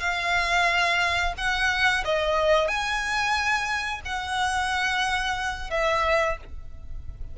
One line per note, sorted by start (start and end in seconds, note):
0.00 1.33 F5
1.37 2.04 F#5
2.05 2.68 D#5
2.68 4.01 G#5
4.05 5.70 F#5
5.70 6.37 E5